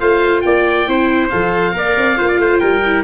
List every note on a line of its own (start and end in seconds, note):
0.00 0.44 A3
0.00 0.87 F4
0.00 0.44 C5
0.00 0.41 F5
0.41 0.88 A#3
0.41 0.89 D5
0.41 1.28 G5
0.87 1.31 C4
0.87 1.31 E4
0.87 1.76 C5
1.30 1.74 F3
1.30 1.73 A4
1.30 2.59 F5
1.73 1.95 A#3
1.73 2.16 A#4
1.73 2.18 D5
1.97 2.19 C4
2.16 2.38 A#3
2.16 2.81 F4
2.16 2.29 C5
2.29 2.39 D5
2.38 2.60 A3
2.38 2.61 C5
2.59 3.04 G3
2.59 3.04 A#4
2.59 3.02 G5
2.86 3.04 E4